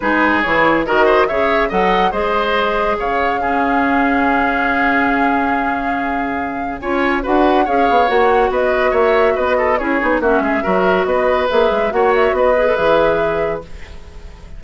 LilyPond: <<
  \new Staff \with { instrumentName = "flute" } { \time 4/4 \tempo 4 = 141 b'4 cis''4 dis''4 e''4 | fis''4 dis''2 f''4~ | f''1~ | f''1 |
gis''4 fis''4 f''4 fis''4 | dis''4 e''4 dis''4 cis''4 | e''2 dis''4 e''4 | fis''8 e''8 dis''4 e''2 | }
  \new Staff \with { instrumentName = "oboe" } { \time 4/4 gis'2 ais'8 c''8 cis''4 | dis''4 c''2 cis''4 | gis'1~ | gis'1 |
cis''4 b'4 cis''2 | b'4 cis''4 b'8 a'8 gis'4 | fis'8 gis'8 ais'4 b'2 | cis''4 b'2. | }
  \new Staff \with { instrumentName = "clarinet" } { \time 4/4 dis'4 e'4 fis'4 gis'4 | a'4 gis'2. | cis'1~ | cis'1 |
f'4 fis'4 gis'4 fis'4~ | fis'2. e'8 dis'8 | cis'4 fis'2 gis'4 | fis'4. gis'16 a'16 gis'2 | }
  \new Staff \with { instrumentName = "bassoon" } { \time 4/4 gis4 e4 dis4 cis4 | fis4 gis2 cis4~ | cis1~ | cis1 |
cis'4 d'4 cis'8 b8 ais4 | b4 ais4 b4 cis'8 b8 | ais8 gis8 fis4 b4 ais8 gis8 | ais4 b4 e2 | }
>>